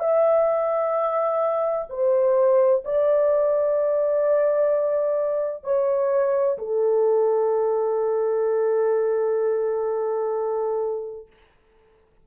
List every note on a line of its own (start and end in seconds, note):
0.00 1.87 E5
1.90 2.83 C5
2.85 5.64 D5
5.64 6.58 C#5
6.58 11.27 A4